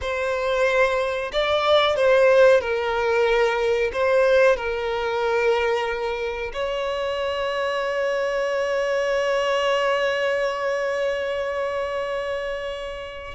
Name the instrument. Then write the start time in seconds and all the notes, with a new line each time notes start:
violin
0.01 C5
1.32 D5
1.96 C5
2.61 A#4
3.92 C5
4.56 A#4
6.53 C#5